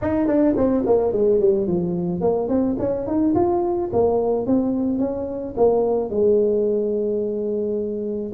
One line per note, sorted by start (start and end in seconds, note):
0.02 0.27 D#4
0.27 0.55 D4
0.56 0.84 C4
0.86 1.12 A#3
1.12 1.40 G#3
1.40 1.67 G3
1.67 2.20 F3
2.20 2.48 A#3
2.48 2.76 C4
2.79 3.06 C#4
3.06 3.34 D#4
3.34 3.90 F4
3.93 4.46 A#3
4.46 4.98 C4
4.98 5.54 C#4
5.56 6.10 A#3
6.10 8.32 G#3